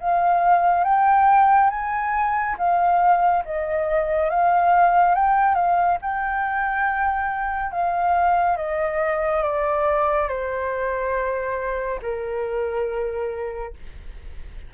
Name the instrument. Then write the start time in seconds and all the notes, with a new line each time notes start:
flute
0.00 F5
0.84 G5
1.70 G#5
2.58 F5
3.45 D#5
4.30 F5
5.15 G5
5.55 F5
6.02 G5
7.72 F5
8.57 D#5
9.43 D5
10.29 C5
12.02 A#4